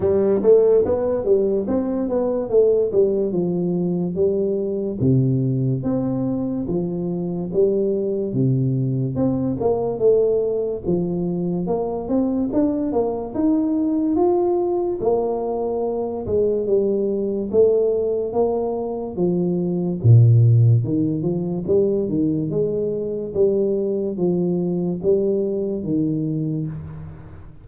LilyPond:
\new Staff \with { instrumentName = "tuba" } { \time 4/4 \tempo 4 = 72 g8 a8 b8 g8 c'8 b8 a8 g8 | f4 g4 c4 c'4 | f4 g4 c4 c'8 ais8 | a4 f4 ais8 c'8 d'8 ais8 |
dis'4 f'4 ais4. gis8 | g4 a4 ais4 f4 | ais,4 dis8 f8 g8 dis8 gis4 | g4 f4 g4 dis4 | }